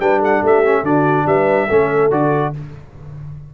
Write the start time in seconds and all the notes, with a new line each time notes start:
0.00 G3 D4 B4 G5
0.19 A4 F#5
0.41 A3 G4 E5
0.65 C#4
0.83 D3 D4 F#4 D5
1.26 G3 B4 E5
1.68 A3 C#4 A4
2.11 D3 F#4 D5